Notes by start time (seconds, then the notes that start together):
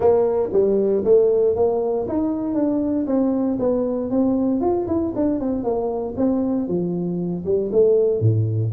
0.00 A#3
0.52 G3
1.04 A3
1.55 A#3
2.08 D#4
2.54 D4
3.06 C4
3.59 B3
4.10 C4
4.60 F4
4.87 E4
5.15 D4
5.39 C4
5.63 A#3
6.16 C4
6.68 F3
7.45 G3
7.72 A3
8.20 A2